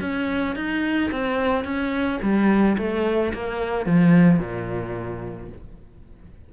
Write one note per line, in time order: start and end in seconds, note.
0.00 0.55 C#4
0.55 1.10 D#4
1.11 1.64 C4
1.64 2.19 C#4
2.21 2.76 G3
2.77 3.33 A3
3.33 3.86 A#3
3.86 4.38 F3
4.38 5.48 A#2